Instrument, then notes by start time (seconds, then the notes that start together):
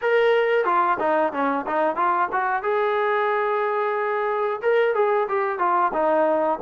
trombone
0.01 A#4
0.64 F4
0.99 D#4
1.32 C#4
1.66 D#4
1.95 F4
2.32 F#4
2.63 G#4
4.62 A#4
4.95 G#4
5.28 G4
5.59 F4
5.93 D#4